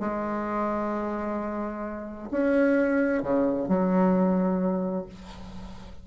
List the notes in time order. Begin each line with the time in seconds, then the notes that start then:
0.00 G#3
2.31 C#4
3.22 C#3
3.68 F#3